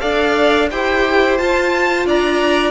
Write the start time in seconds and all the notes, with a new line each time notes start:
0.00 D4 A4 D5 F5
0.71 E4 G4 C5 G5
1.38 F4 A5
2.05 D4 D5 A#5